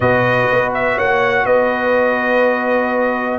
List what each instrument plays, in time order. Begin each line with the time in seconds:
0.00 tuba B2, trombone F#4, horn B4, trumpet D#5
0.51 tuba B3
0.74 trumpet E5
0.94 tuba A#3, horn C#5, trumpet F#5
1.45 tuba B3, horn B4, trumpet D#5